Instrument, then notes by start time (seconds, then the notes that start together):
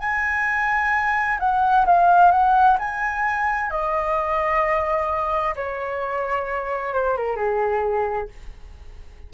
flute
0.00 G#5
1.39 F#5
1.85 F5
2.31 F#5
2.79 G#5
3.70 D#5
5.56 C#5
6.94 C5
7.17 A#4
7.36 G#4